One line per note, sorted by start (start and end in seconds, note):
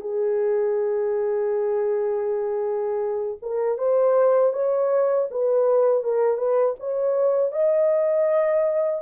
0.00 3.38 G#4
3.42 3.78 A#4
3.78 4.53 C5
4.53 5.28 C#5
5.30 6.03 B4
6.03 6.37 A#4
6.37 6.75 B4
6.79 7.52 C#5
7.52 9.02 D#5